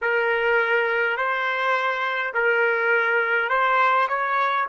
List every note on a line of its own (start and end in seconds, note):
0.01 1.17 A#4
1.17 2.33 C5
2.34 3.49 A#4
3.49 4.07 C5
4.08 4.66 C#5